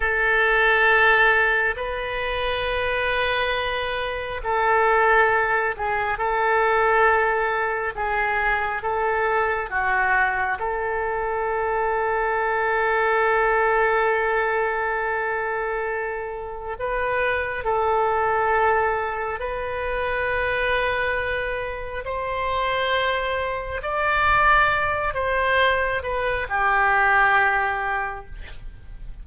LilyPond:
\new Staff \with { instrumentName = "oboe" } { \time 4/4 \tempo 4 = 68 a'2 b'2~ | b'4 a'4. gis'8 a'4~ | a'4 gis'4 a'4 fis'4 | a'1~ |
a'2. b'4 | a'2 b'2~ | b'4 c''2 d''4~ | d''8 c''4 b'8 g'2 | }